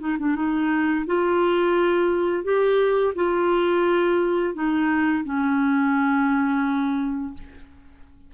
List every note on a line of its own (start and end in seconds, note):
0.00 0.17 D#4
0.19 0.36 D4
0.36 1.06 D#4
1.06 2.44 F4
2.44 3.14 G4
3.15 4.54 F4
4.54 5.24 D#4
5.25 7.34 C#4